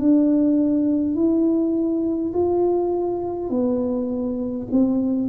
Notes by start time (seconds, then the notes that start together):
0.00 D4
1.16 E4
2.34 F4
3.50 B3
4.72 C4